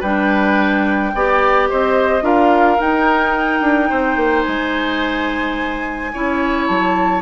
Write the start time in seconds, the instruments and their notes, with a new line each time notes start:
0.00 bassoon G3, clarinet D4, oboe B4, flute G5
1.14 bassoon B3, clarinet G4, oboe D5
1.69 bassoon C4, oboe C5, flute D#5
2.22 bassoon D4, clarinet F4, oboe A#4, flute F5
2.79 clarinet D#4, bassoon D#4, flute G5
3.61 bassoon D4
3.90 bassoon C4, oboe C5
4.16 bassoon A#3
4.43 bassoon G#3, flute G#5
6.13 bassoon C#4, clarinet E4, oboe C#5
6.67 bassoon F#3, flute A5